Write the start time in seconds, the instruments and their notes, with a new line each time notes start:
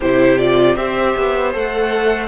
0.00 cello C3, viola E4, violin G4 C5
0.37 viola F4, violin D5
0.75 cello C4, viola G4, violin C5 E5
1.16 cello B3
1.53 cello A3, viola A4, violin F#5